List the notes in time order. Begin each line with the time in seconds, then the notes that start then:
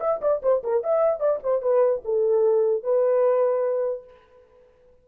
0.00 E5
0.21 D5
0.42 C5
0.63 A#4
0.83 E5
1.20 D5
1.43 C5
1.61 B4
2.04 A4
2.83 B4